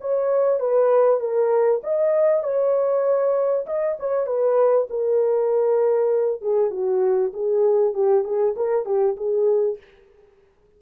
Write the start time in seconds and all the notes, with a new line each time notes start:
0.00 C#5
0.60 B4
1.20 A#4
1.83 D#5
2.43 C#5
3.66 D#5
3.99 C#5
4.26 B4
4.89 A#4
6.41 G#4
6.70 F#4
7.33 G#4
7.93 G4
8.24 G#4
8.56 A#4
8.85 G4
9.16 G#4